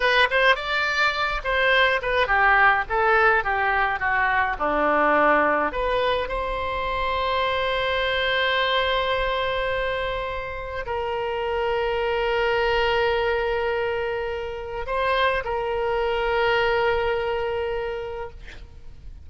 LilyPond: \new Staff \with { instrumentName = "oboe" } { \time 4/4 \tempo 4 = 105 b'8 c''8 d''4. c''4 b'8 | g'4 a'4 g'4 fis'4 | d'2 b'4 c''4~ | c''1~ |
c''2. ais'4~ | ais'1~ | ais'2 c''4 ais'4~ | ais'1 | }